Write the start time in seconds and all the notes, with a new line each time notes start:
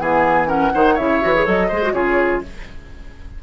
0.00 E3 B3 G#4 G#5
0.47 C#4 A#4 F#5
0.74 D#3 D#4 C5
0.94 C#3 E4 C#5 E5
1.22 E3 F#4
1.35 G#4
1.45 F#3 A4 D#5
1.68 G#3 G#4 C5
1.83 F#4
1.93 C#3 F4 G#4 C#5